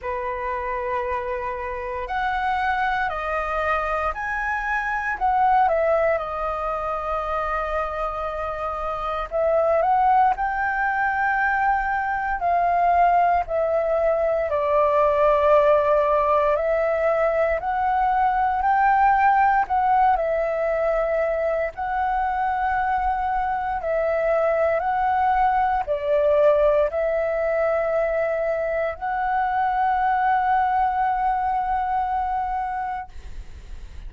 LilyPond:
\new Staff \with { instrumentName = "flute" } { \time 4/4 \tempo 4 = 58 b'2 fis''4 dis''4 | gis''4 fis''8 e''8 dis''2~ | dis''4 e''8 fis''8 g''2 | f''4 e''4 d''2 |
e''4 fis''4 g''4 fis''8 e''8~ | e''4 fis''2 e''4 | fis''4 d''4 e''2 | fis''1 | }